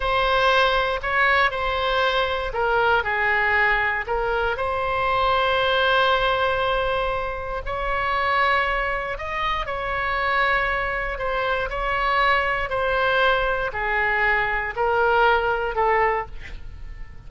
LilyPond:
\new Staff \with { instrumentName = "oboe" } { \time 4/4 \tempo 4 = 118 c''2 cis''4 c''4~ | c''4 ais'4 gis'2 | ais'4 c''2.~ | c''2. cis''4~ |
cis''2 dis''4 cis''4~ | cis''2 c''4 cis''4~ | cis''4 c''2 gis'4~ | gis'4 ais'2 a'4 | }